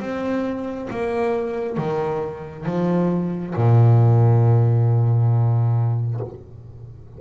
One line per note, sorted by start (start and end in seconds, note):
0.00 0.88 C4
0.91 1.77 A#3
1.77 2.66 D#3
2.66 3.54 F3
3.56 6.20 A#2